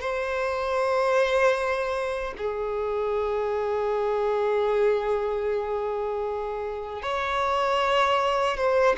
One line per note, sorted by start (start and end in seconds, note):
0.00 2.34 C5
2.37 7.02 G#4
7.02 8.57 C#5
8.57 8.96 C5